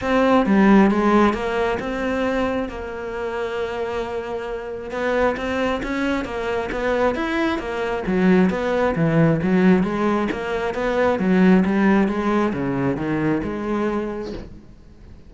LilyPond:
\new Staff \with { instrumentName = "cello" } { \time 4/4 \tempo 4 = 134 c'4 g4 gis4 ais4 | c'2 ais2~ | ais2. b4 | c'4 cis'4 ais4 b4 |
e'4 ais4 fis4 b4 | e4 fis4 gis4 ais4 | b4 fis4 g4 gis4 | cis4 dis4 gis2 | }